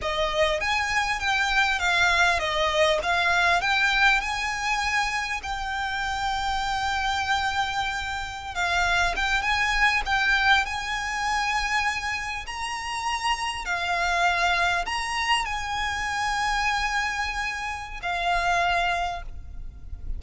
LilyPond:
\new Staff \with { instrumentName = "violin" } { \time 4/4 \tempo 4 = 100 dis''4 gis''4 g''4 f''4 | dis''4 f''4 g''4 gis''4~ | gis''4 g''2.~ | g''2~ g''16 f''4 g''8 gis''16~ |
gis''8. g''4 gis''2~ gis''16~ | gis''8. ais''2 f''4~ f''16~ | f''8. ais''4 gis''2~ gis''16~ | gis''2 f''2 | }